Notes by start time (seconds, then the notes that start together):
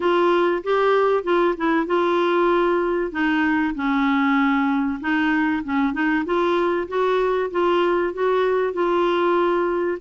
0.00 F4
0.63 G4
1.23 F4
1.57 E4
1.86 F4
3.11 D#4
3.74 C#4
5.00 D#4
5.63 C#4
5.93 D#4
6.25 F4
6.88 F#4
7.51 F4
8.13 F#4
8.73 F4